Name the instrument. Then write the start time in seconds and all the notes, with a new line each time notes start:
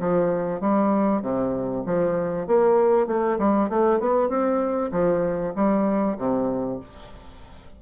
bassoon
0.00 F3
0.61 G3
1.22 C3
1.86 F3
2.47 A#3
3.07 A3
3.39 G3
3.69 A3
4.00 B3
4.29 C4
4.92 F3
5.56 G3
6.18 C3